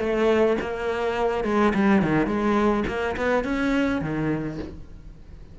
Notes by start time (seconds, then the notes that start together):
0.00 A3
0.61 A#3
1.45 G#3
1.75 G3
2.03 D#3
2.27 G#3
2.88 A#3
3.17 B3
3.45 C#4
4.02 D#3